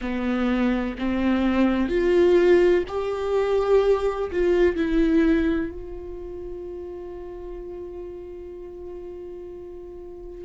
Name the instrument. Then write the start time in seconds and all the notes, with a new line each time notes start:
viola
0.01 B3
0.98 C4
1.88 F4
2.87 G4
4.31 F4
4.76 E4
5.70 F4